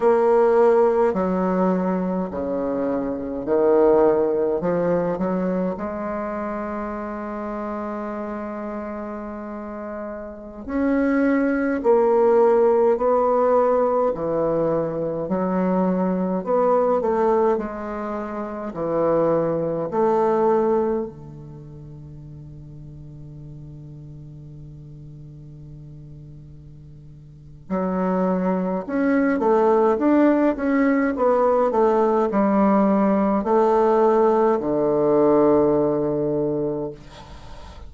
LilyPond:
\new Staff \with { instrumentName = "bassoon" } { \time 4/4 \tempo 4 = 52 ais4 fis4 cis4 dis4 | f8 fis8 gis2.~ | gis4~ gis16 cis'4 ais4 b8.~ | b16 e4 fis4 b8 a8 gis8.~ |
gis16 e4 a4 d4.~ d16~ | d1 | fis4 cis'8 a8 d'8 cis'8 b8 a8 | g4 a4 d2 | }